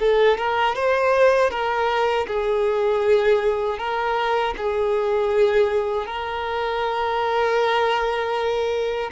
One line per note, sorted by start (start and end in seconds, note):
0.00 0.38 A4
0.38 0.76 A#4
0.76 1.51 C5
1.51 2.27 A#4
2.28 3.78 G#4
3.78 4.54 A#4
4.57 6.07 G#4
6.07 9.10 A#4